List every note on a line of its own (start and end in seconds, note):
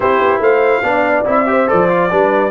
0.00 0.20 C4
0.00 0.83 E4
0.00 0.41 G4
0.00 0.42 C5
0.20 0.39 B3
0.39 0.81 A3
0.39 0.83 C5
0.39 1.26 F5
0.82 1.24 B3
0.82 1.24 D4
0.82 1.49 D5
1.25 1.69 C4
1.25 1.46 E4
1.25 1.69 E5
1.46 1.67 G4
1.46 2.11 C5
1.67 2.11 F3
1.67 1.88 A4
1.67 2.50 D5
1.88 2.09 F4
2.10 2.50 G3
2.10 2.50 D4
2.10 2.50 B4